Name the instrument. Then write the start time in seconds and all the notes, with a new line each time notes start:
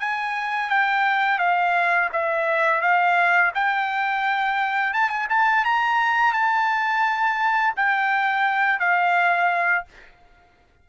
trumpet
0.00 G#5
0.70 G5
1.39 F5
2.13 E5
2.81 F5
3.55 G5
4.93 A5
5.10 G#5
5.29 A5
5.65 A#5
6.33 A5
7.76 G5
8.79 F5